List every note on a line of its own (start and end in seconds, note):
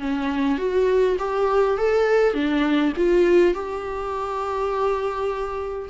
0.00 0.58 C#4
0.58 1.17 F#4
1.19 1.78 G4
1.78 2.34 A4
2.34 2.93 D4
2.97 3.54 F4
3.54 5.89 G4